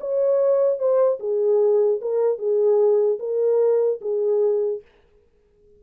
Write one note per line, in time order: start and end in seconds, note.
0.00 0.78 C#5
0.78 1.19 C5
1.19 2.00 G#4
2.01 2.38 A#4
2.38 3.19 G#4
3.19 4.00 A#4
4.01 4.81 G#4